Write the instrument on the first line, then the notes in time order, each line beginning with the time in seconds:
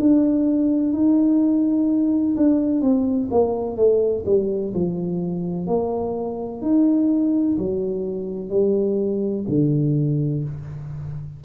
tuba
0.00 D4
0.93 D#4
2.37 D4
2.81 C4
3.31 A#3
3.77 A3
4.26 G3
4.74 F3
5.67 A#3
6.61 D#4
7.58 F#3
8.50 G3
9.49 D3